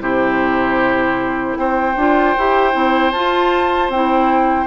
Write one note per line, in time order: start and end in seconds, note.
0.00 1.56 C3
0.00 1.95 E4
0.00 1.58 G4
0.00 1.56 C5
1.56 1.95 C4
1.56 4.66 C5
1.56 3.11 G5
1.95 2.34 D4
1.95 2.37 F4
2.37 2.74 E4
2.37 2.72 G4
2.72 3.12 C4
2.72 3.11 E4
3.11 3.88 F4
3.11 3.93 F4
3.11 3.89 A5
3.88 4.66 C4
3.88 4.66 E4
3.88 4.66 G5